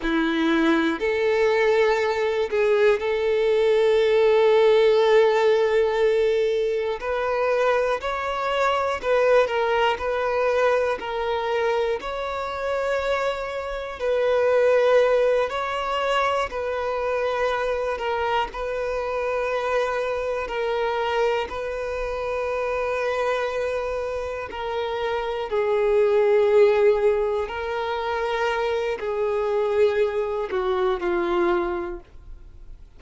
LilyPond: \new Staff \with { instrumentName = "violin" } { \time 4/4 \tempo 4 = 60 e'4 a'4. gis'8 a'4~ | a'2. b'4 | cis''4 b'8 ais'8 b'4 ais'4 | cis''2 b'4. cis''8~ |
cis''8 b'4. ais'8 b'4.~ | b'8 ais'4 b'2~ b'8~ | b'8 ais'4 gis'2 ais'8~ | ais'4 gis'4. fis'8 f'4 | }